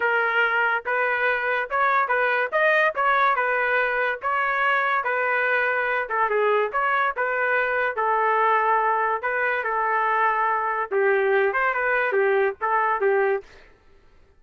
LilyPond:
\new Staff \with { instrumentName = "trumpet" } { \time 4/4 \tempo 4 = 143 ais'2 b'2 | cis''4 b'4 dis''4 cis''4 | b'2 cis''2 | b'2~ b'8 a'8 gis'4 |
cis''4 b'2 a'4~ | a'2 b'4 a'4~ | a'2 g'4. c''8 | b'4 g'4 a'4 g'4 | }